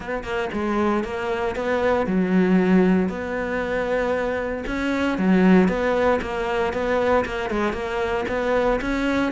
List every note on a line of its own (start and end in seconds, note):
0.00 0.23 B3
0.23 0.49 A#3
0.52 1.03 G#3
1.03 1.55 A#3
1.55 2.06 B3
2.06 3.08 F#3
3.08 4.63 B3
4.66 5.18 C#4
5.18 5.68 F#3
5.68 6.20 B3
6.21 6.73 A#3
6.73 7.25 B3
7.25 7.50 A#3
7.50 7.73 G#3
7.73 8.24 A#3
8.28 8.80 B3
8.81 9.32 C#4